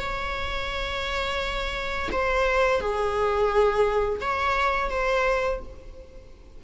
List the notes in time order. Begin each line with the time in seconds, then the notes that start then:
0.00 C#5
2.12 C5
2.81 G#4
4.21 C#5
4.90 C5